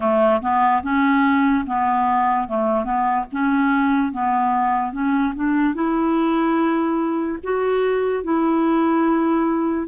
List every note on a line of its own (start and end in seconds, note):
0.00 0.41 A3
0.41 0.82 B3
0.82 1.64 C#4
1.66 2.47 B3
2.47 2.84 A3
2.84 3.25 B3
3.31 4.12 C#4
4.12 4.92 B3
4.92 5.33 C#4
5.35 5.74 D4
5.74 7.38 E4
7.43 8.23 F#4
8.23 9.87 E4